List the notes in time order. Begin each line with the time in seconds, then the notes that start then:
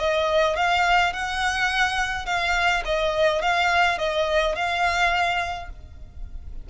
0.00 D#5
0.57 F5
1.13 F#5
2.26 F5
2.85 D#5
3.42 F5
3.99 D#5
4.56 F5